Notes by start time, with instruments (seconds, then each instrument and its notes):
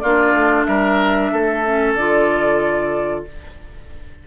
0.00 bassoon A#3, clarinet D4, oboe F4, flute D5
0.34 bassoon A3
0.65 bassoon G3, oboe A#4, flute E5
1.32 bassoon A3, oboe A4
1.65 clarinet C#4
1.95 bassoon D3, clarinet F4, flute D5